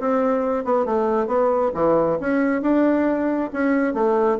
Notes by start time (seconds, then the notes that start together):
0.00 C4
0.65 B3
0.85 A3
1.27 B3
1.74 E3
2.20 C#4
2.62 D4
3.53 C#4
3.94 A3